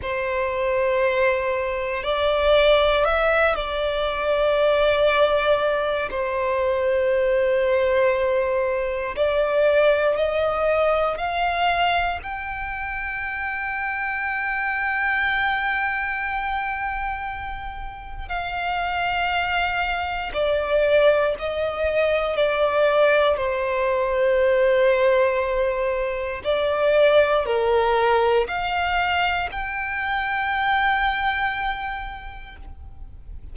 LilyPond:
\new Staff \with { instrumentName = "violin" } { \time 4/4 \tempo 4 = 59 c''2 d''4 e''8 d''8~ | d''2 c''2~ | c''4 d''4 dis''4 f''4 | g''1~ |
g''2 f''2 | d''4 dis''4 d''4 c''4~ | c''2 d''4 ais'4 | f''4 g''2. | }